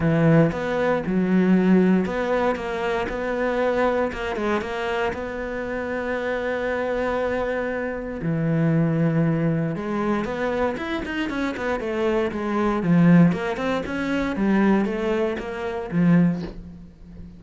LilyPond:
\new Staff \with { instrumentName = "cello" } { \time 4/4 \tempo 4 = 117 e4 b4 fis2 | b4 ais4 b2 | ais8 gis8 ais4 b2~ | b1 |
e2. gis4 | b4 e'8 dis'8 cis'8 b8 a4 | gis4 f4 ais8 c'8 cis'4 | g4 a4 ais4 f4 | }